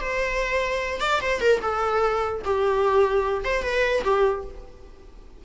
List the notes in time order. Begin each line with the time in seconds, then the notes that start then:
0.00 C5
1.00 D5
1.21 C5
1.40 A#4
1.61 A4
2.44 G4
3.44 C5
3.62 B4
4.04 G4